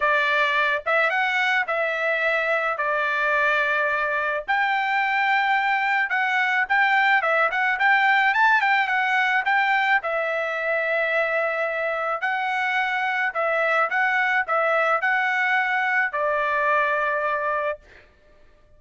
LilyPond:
\new Staff \with { instrumentName = "trumpet" } { \time 4/4 \tempo 4 = 108 d''4. e''8 fis''4 e''4~ | e''4 d''2. | g''2. fis''4 | g''4 e''8 fis''8 g''4 a''8 g''8 |
fis''4 g''4 e''2~ | e''2 fis''2 | e''4 fis''4 e''4 fis''4~ | fis''4 d''2. | }